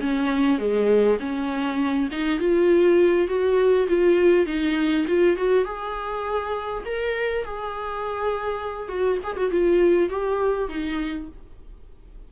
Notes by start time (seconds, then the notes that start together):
0.00 C#4
0.58 G#3
1.20 C#4
2.11 D#4
2.39 F4
3.28 F#4
3.88 F4
4.46 D#4
5.07 F4
5.36 F#4
5.64 G#4
6.85 A#4
7.44 G#4
8.88 F#4
9.23 G#4
9.36 F#4
9.51 F4
10.09 G4
10.68 D#4